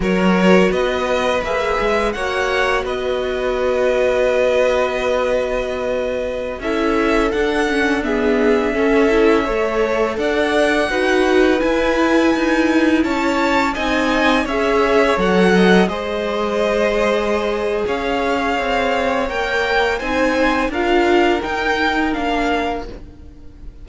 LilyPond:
<<
  \new Staff \with { instrumentName = "violin" } { \time 4/4 \tempo 4 = 84 cis''4 dis''4 e''4 fis''4 | dis''1~ | dis''4~ dis''16 e''4 fis''4 e''8.~ | e''2~ e''16 fis''4.~ fis''16~ |
fis''16 gis''2 a''4 gis''8.~ | gis''16 e''4 fis''4 dis''4.~ dis''16~ | dis''4 f''2 g''4 | gis''4 f''4 g''4 f''4 | }
  \new Staff \with { instrumentName = "violin" } { \time 4/4 ais'4 b'2 cis''4 | b'1~ | b'4~ b'16 a'2 gis'8.~ | gis'16 a'4 cis''4 d''4 b'8.~ |
b'2~ b'16 cis''4 dis''8.~ | dis''16 cis''4. dis''8 c''4.~ c''16~ | c''4 cis''2. | c''4 ais'2. | }
  \new Staff \with { instrumentName = "viola" } { \time 4/4 fis'2 gis'4 fis'4~ | fis'1~ | fis'4~ fis'16 e'4 d'8 cis'8 b8.~ | b16 cis'8 e'8 a'2 fis'8.~ |
fis'16 e'2. dis'8.~ | dis'16 gis'4 a'4 gis'4.~ gis'16~ | gis'2. ais'4 | dis'4 f'4 dis'4 d'4 | }
  \new Staff \with { instrumentName = "cello" } { \time 4/4 fis4 b4 ais8 gis8 ais4 | b1~ | b4~ b16 cis'4 d'4.~ d'16~ | d'16 cis'4 a4 d'4 dis'8.~ |
dis'16 e'4 dis'4 cis'4 c'8.~ | c'16 cis'4 fis4 gis4.~ gis16~ | gis4 cis'4 c'4 ais4 | c'4 d'4 dis'4 ais4 | }
>>